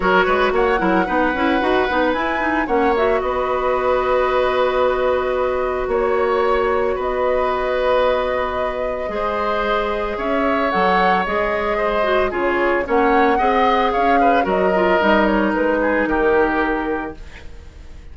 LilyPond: <<
  \new Staff \with { instrumentName = "flute" } { \time 4/4 \tempo 4 = 112 cis''4 fis''2. | gis''4 fis''8 e''8 dis''2~ | dis''2. cis''4~ | cis''4 dis''2.~ |
dis''2. e''4 | fis''4 dis''2 cis''4 | fis''2 f''4 dis''4~ | dis''8 cis''8 b'4 ais'2 | }
  \new Staff \with { instrumentName = "oboe" } { \time 4/4 ais'8 b'8 cis''8 ais'8 b'2~ | b'4 cis''4 b'2~ | b'2. cis''4~ | cis''4 b'2.~ |
b'4 c''2 cis''4~ | cis''2 c''4 gis'4 | cis''4 dis''4 cis''8 b'8 ais'4~ | ais'4. gis'8 g'2 | }
  \new Staff \with { instrumentName = "clarinet" } { \time 4/4 fis'4. e'8 dis'8 e'8 fis'8 dis'8 | e'8 dis'8 cis'8 fis'2~ fis'8~ | fis'1~ | fis'1~ |
fis'4 gis'2. | a'4 gis'4. fis'8 f'4 | cis'4 gis'2 fis'8 f'8 | dis'1 | }
  \new Staff \with { instrumentName = "bassoon" } { \time 4/4 fis8 gis8 ais8 fis8 b8 cis'8 dis'8 b8 | e'4 ais4 b2~ | b2. ais4~ | ais4 b2.~ |
b4 gis2 cis'4 | fis4 gis2 cis4 | ais4 c'4 cis'4 fis4 | g4 gis4 dis2 | }
>>